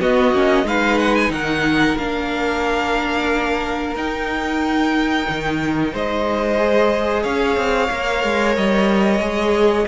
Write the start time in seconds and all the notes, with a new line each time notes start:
0.00 B3 F#4 D#5
0.32 A#3 C#4
0.64 G#3 D#4 B4 F5
0.99 F#5
1.15 G#5
1.30 D#3 A#4 F#5
1.98 A#3 D4 F5
3.95 D#4 G5
5.29 D#3
5.93 G#3 C5 D#5
6.58 G#4
7.23 C#4 C#5 F5
7.56 C4
7.91 A#3 A#4
8.24 G#3
8.56 G3 D#5
9.19 G#3 G#4